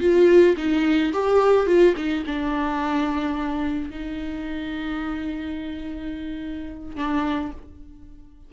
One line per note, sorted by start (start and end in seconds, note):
0.00 0.56 F4
0.57 1.12 D#4
1.13 1.66 G4
1.66 1.94 F4
1.96 2.24 D#4
2.26 3.90 D4
3.90 6.95 D#4
6.95 7.51 D4